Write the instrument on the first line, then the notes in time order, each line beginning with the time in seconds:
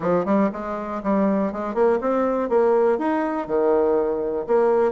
bassoon
0.00 F3
0.25 G3
0.52 G#3
1.03 G3
1.52 G#3
1.74 A#3
2.00 C4
2.49 A#3
2.98 D#4
3.47 D#3
4.46 A#3